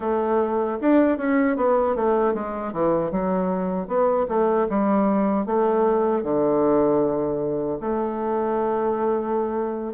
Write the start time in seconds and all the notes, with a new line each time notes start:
0.00 A3
0.81 D4
1.17 C#4
1.56 B3
1.95 A3
2.34 G#3
2.73 E3
3.11 F#3
3.87 B3
4.28 A3
4.69 G3
5.45 A3
6.23 D3
7.80 A3